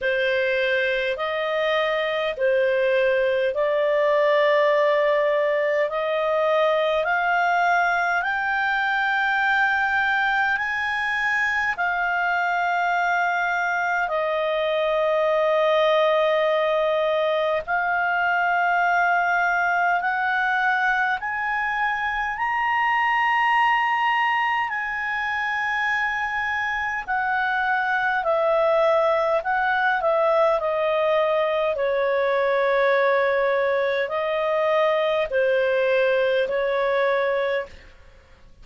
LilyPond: \new Staff \with { instrumentName = "clarinet" } { \time 4/4 \tempo 4 = 51 c''4 dis''4 c''4 d''4~ | d''4 dis''4 f''4 g''4~ | g''4 gis''4 f''2 | dis''2. f''4~ |
f''4 fis''4 gis''4 ais''4~ | ais''4 gis''2 fis''4 | e''4 fis''8 e''8 dis''4 cis''4~ | cis''4 dis''4 c''4 cis''4 | }